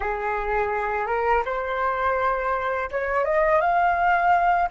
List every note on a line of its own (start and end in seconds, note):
0.00 1.06 G#4
1.06 1.43 A#4
1.45 2.89 C5
2.91 3.25 C#5
3.25 3.60 D#5
3.60 4.69 F5